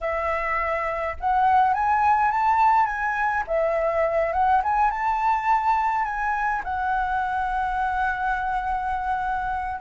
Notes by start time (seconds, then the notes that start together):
0.01 E5
1.20 F#5
1.73 G#5
2.31 A5
2.86 G#5
3.47 E5
4.32 F#5
4.63 G#5
4.90 A5
6.04 G#5
6.63 F#5